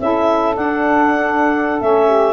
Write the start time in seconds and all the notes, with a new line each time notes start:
0.00 C#4 E4 A4 E5
0.54 D4 F#5
1.80 A3 C#4 E5
2.07 G4